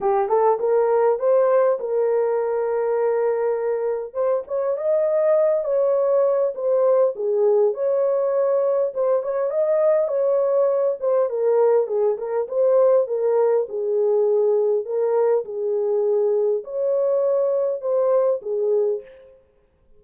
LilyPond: \new Staff \with { instrumentName = "horn" } { \time 4/4 \tempo 4 = 101 g'8 a'8 ais'4 c''4 ais'4~ | ais'2. c''8 cis''8 | dis''4. cis''4. c''4 | gis'4 cis''2 c''8 cis''8 |
dis''4 cis''4. c''8 ais'4 | gis'8 ais'8 c''4 ais'4 gis'4~ | gis'4 ais'4 gis'2 | cis''2 c''4 gis'4 | }